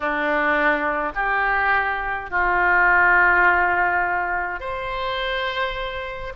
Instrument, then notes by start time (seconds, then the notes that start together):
oboe
0.00 D4
1.14 G4
2.30 F4
4.60 C5